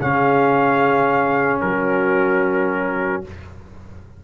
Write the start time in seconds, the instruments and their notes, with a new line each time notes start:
0.00 tuba C#3, trombone C#4, horn G#4, trumpet F5
1.61 tuba F#3, horn F#4, trumpet A#4